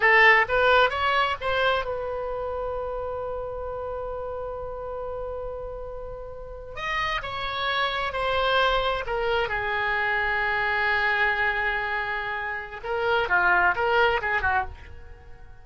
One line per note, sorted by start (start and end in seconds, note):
0.00 0.46 A4
0.48 0.90 B4
0.90 1.35 C#5
1.40 1.85 C5
1.85 6.75 B4
6.75 7.21 D#5
7.22 8.12 C#5
8.12 9.04 C5
9.06 9.48 A#4
9.48 12.80 G#4
12.83 13.28 A#4
13.28 13.74 F4
13.75 14.20 A#4
14.21 14.41 G#4
14.41 14.64 F#4